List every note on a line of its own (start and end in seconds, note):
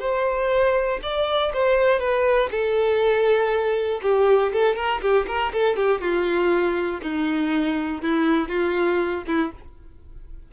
0.00 1.00 C5
1.03 1.53 D5
1.53 2.00 C5
2.00 2.50 B4
2.51 4.01 A4
4.02 4.52 G4
4.53 4.76 A4
4.76 5.01 A#4
5.01 5.26 G4
5.27 5.52 A#4
5.53 5.76 A4
5.76 6.01 G4
6.01 7.01 F4
7.02 8.02 D#4
8.02 8.49 E4
8.49 9.24 F4
9.27 9.52 E4